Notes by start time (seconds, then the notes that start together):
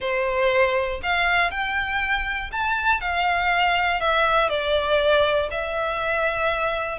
0.00 C5
1.02 F5
1.50 G5
2.52 A5
3.00 F5
4.00 E5
4.49 D5
5.50 E5